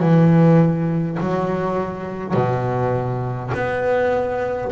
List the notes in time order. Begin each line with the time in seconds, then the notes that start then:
0.00 E3
1.20 F#3
2.34 B2
3.53 B3